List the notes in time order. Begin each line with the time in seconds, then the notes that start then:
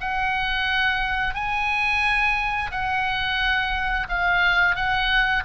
0.00 F#5
1.34 G#5
2.71 F#5
4.08 F5
4.75 F#5